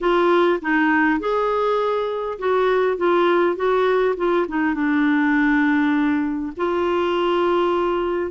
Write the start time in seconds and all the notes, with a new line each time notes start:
0.00 F4
0.61 D#4
1.19 G#4
2.38 F#4
2.97 F4
3.56 F#4
4.16 F4
4.47 D#4
4.74 D4
6.56 F4